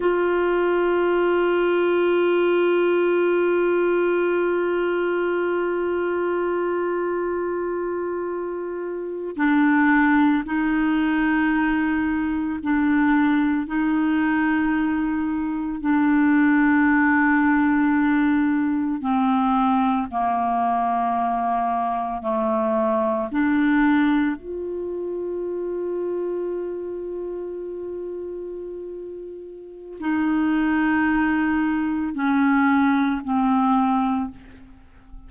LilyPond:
\new Staff \with { instrumentName = "clarinet" } { \time 4/4 \tempo 4 = 56 f'1~ | f'1~ | f'8. d'4 dis'2 d'16~ | d'8. dis'2 d'4~ d'16~ |
d'4.~ d'16 c'4 ais4~ ais16~ | ais8. a4 d'4 f'4~ f'16~ | f'1 | dis'2 cis'4 c'4 | }